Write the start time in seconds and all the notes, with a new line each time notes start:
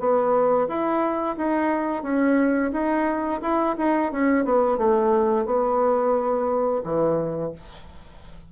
0.00 B3
0.68 E4
1.37 D#4
2.03 C#4
2.73 D#4
3.42 E4
3.78 D#4
4.12 C#4
4.45 B3
4.78 A3
5.46 B3
6.84 E3